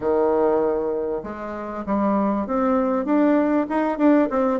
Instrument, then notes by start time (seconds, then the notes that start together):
bassoon
0.00 D#3
1.23 G#3
1.86 G3
2.46 C4
3.05 D4
3.69 D#4
3.98 D4
4.29 C4